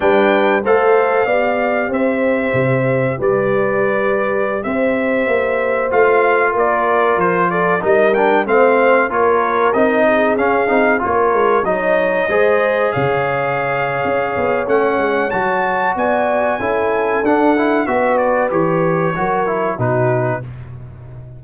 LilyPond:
<<
  \new Staff \with { instrumentName = "trumpet" } { \time 4/4 \tempo 4 = 94 g''4 f''2 e''4~ | e''4 d''2~ d''16 e''8.~ | e''4~ e''16 f''4 d''4 c''8 d''16~ | d''16 dis''8 g''8 f''4 cis''4 dis''8.~ |
dis''16 f''4 cis''4 dis''4.~ dis''16~ | dis''16 f''2~ f''8. fis''4 | a''4 gis''2 fis''4 | e''8 d''8 cis''2 b'4 | }
  \new Staff \with { instrumentName = "horn" } { \time 4/4 b'4 c''4 d''4 c''4~ | c''4 b'2~ b'16 c''8.~ | c''2~ c''16 ais'4. a'16~ | a'16 ais'4 c''4 ais'4. gis'16~ |
gis'4~ gis'16 ais'4 cis''4 c''8.~ | c''16 cis''2.~ cis''8.~ | cis''4 d''4 a'2 | b'2 ais'4 fis'4 | }
  \new Staff \with { instrumentName = "trombone" } { \time 4/4 d'4 a'4 g'2~ | g'1~ | g'4~ g'16 f'2~ f'8.~ | f'16 dis'8 d'8 c'4 f'4 dis'8.~ |
dis'16 cis'8 dis'8 f'4 dis'4 gis'8.~ | gis'2. cis'4 | fis'2 e'4 d'8 e'8 | fis'4 g'4 fis'8 e'8 dis'4 | }
  \new Staff \with { instrumentName = "tuba" } { \time 4/4 g4 a4 b4 c'4 | c4 g2~ g16 c'8.~ | c'16 ais4 a4 ais4 f8.~ | f16 g4 a4 ais4 c'8.~ |
c'16 cis'8 c'8 ais8 gis8 fis4 gis8.~ | gis16 cis4.~ cis16 cis'8 b8 a8 gis8 | fis4 b4 cis'4 d'4 | b4 e4 fis4 b,4 | }
>>